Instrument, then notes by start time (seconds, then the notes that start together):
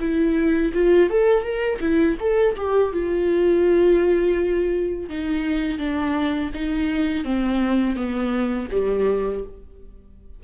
viola
0.00 E4
0.74 F4
1.10 A4
1.43 A#4
1.80 E4
2.20 A4
2.57 G4
2.93 F4
5.09 D#4
5.79 D4
6.54 D#4
7.25 C4
7.96 B3
8.71 G3